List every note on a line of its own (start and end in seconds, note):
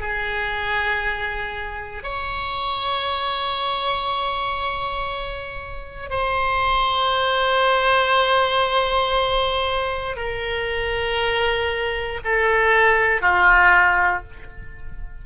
0.00 2.03 G#4
2.03 6.10 C#5
6.10 10.16 C5
10.16 12.20 A#4
12.24 13.21 A4
13.21 14.23 F4